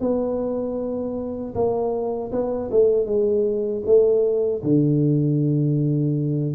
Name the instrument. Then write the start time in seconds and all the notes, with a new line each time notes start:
tuba
0.00 B3
1.54 A#3
2.31 B3
2.71 A3
3.05 G#3
3.85 A3
4.63 D3